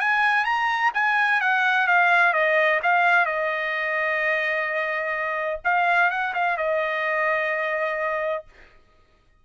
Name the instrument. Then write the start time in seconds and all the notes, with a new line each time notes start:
trumpet
0.00 G#5
0.45 A#5
0.94 G#5
1.41 F#5
1.87 F5
2.33 D#5
2.83 F5
3.26 D#5
5.65 F5
6.10 F#5
6.34 F5
6.57 D#5